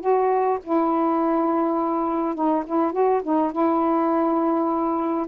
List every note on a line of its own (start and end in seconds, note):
0.00 0.58 F#4
0.64 2.35 E4
2.35 2.64 D#4
2.66 2.92 E4
2.92 3.21 F#4
3.23 3.52 D#4
3.52 5.27 E4